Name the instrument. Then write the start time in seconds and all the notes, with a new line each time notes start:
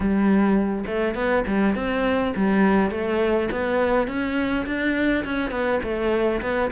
cello
0.00 G3
0.86 A3
1.14 B3
1.47 G3
1.75 C4
2.36 G3
2.90 A3
3.51 B3
4.07 C#4
4.66 D4
5.24 C#4
5.50 B3
5.83 A3
6.41 B3